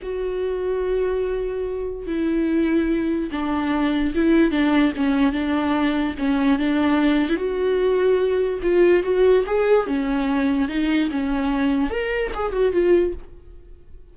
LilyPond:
\new Staff \with { instrumentName = "viola" } { \time 4/4 \tempo 4 = 146 fis'1~ | fis'4 e'2. | d'2 e'4 d'4 | cis'4 d'2 cis'4 |
d'4.~ d'16 e'16 fis'2~ | fis'4 f'4 fis'4 gis'4 | cis'2 dis'4 cis'4~ | cis'4 ais'4 gis'8 fis'8 f'4 | }